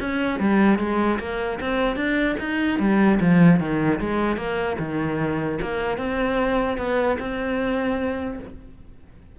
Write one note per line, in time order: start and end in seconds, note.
0.00 0.40 C#4
0.40 0.79 G3
0.79 1.19 G#3
1.19 1.59 A#3
1.61 1.96 C4
1.96 2.36 D4
2.40 2.79 D#4
2.79 3.19 G3
3.20 3.60 F3
3.60 4.00 D#3
4.00 4.37 G#3
4.37 4.77 A#3
4.79 5.59 D#3
5.62 5.98 A#3
5.98 6.78 C4
6.78 7.18 B3
7.19 8.39 C4